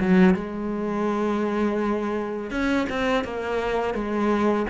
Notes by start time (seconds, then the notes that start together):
0.00 F#3
0.34 G#3
2.50 C#4
2.89 C4
3.24 A#3
3.94 G#3